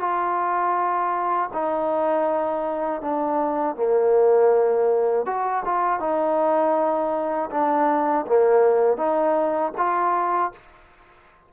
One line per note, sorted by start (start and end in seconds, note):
0.00 1.50 F4
1.53 3.01 D#4
3.01 3.76 D4
3.76 5.26 A#3
5.26 5.64 F#4
5.65 6.00 F4
6.00 7.50 D#4
7.51 8.26 D4
8.27 8.97 A#3
8.97 9.72 D#4
9.77 10.52 F4